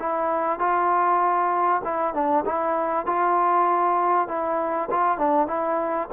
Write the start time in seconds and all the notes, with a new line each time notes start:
0.00 E4
0.60 F4
1.85 E4
2.14 D4
2.46 E4
3.06 F4
4.28 E4
4.91 F4
5.18 D4
5.47 E4